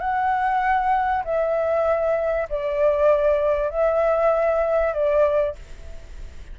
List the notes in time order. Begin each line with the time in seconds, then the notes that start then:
0.00 F#5
1.24 E5
2.50 D5
3.70 E5
4.93 D5